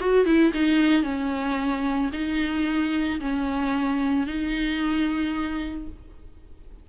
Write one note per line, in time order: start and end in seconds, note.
0.00 0.25 F#4
0.25 0.52 E4
0.53 1.03 D#4
1.03 2.10 C#4
2.13 3.20 D#4
3.20 4.27 C#4
4.27 5.87 D#4